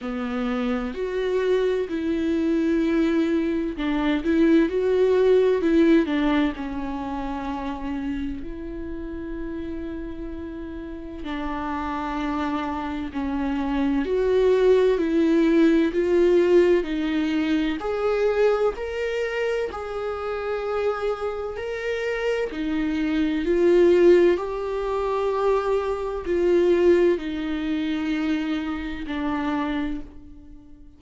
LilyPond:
\new Staff \with { instrumentName = "viola" } { \time 4/4 \tempo 4 = 64 b4 fis'4 e'2 | d'8 e'8 fis'4 e'8 d'8 cis'4~ | cis'4 e'2. | d'2 cis'4 fis'4 |
e'4 f'4 dis'4 gis'4 | ais'4 gis'2 ais'4 | dis'4 f'4 g'2 | f'4 dis'2 d'4 | }